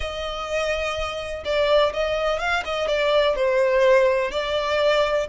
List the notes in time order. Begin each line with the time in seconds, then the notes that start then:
0.00 D#5
1.44 D5
1.93 D#5
2.39 F5
2.64 D#5
2.87 D5
3.35 C5
4.31 D5